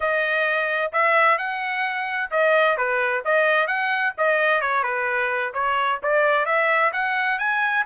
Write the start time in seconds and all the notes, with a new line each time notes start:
0.00 D#5
0.92 E5
1.38 F#5
2.31 D#5
2.77 B4
3.25 D#5
3.67 F#5
4.17 D#5
4.61 C#5
4.83 B4
5.53 C#5
6.02 D5
6.45 E5
6.93 F#5
7.38 G#5